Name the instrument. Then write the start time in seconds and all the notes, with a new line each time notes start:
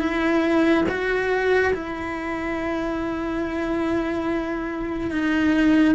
cello
0.00 E4
0.89 F#4
1.74 E4
5.11 D#4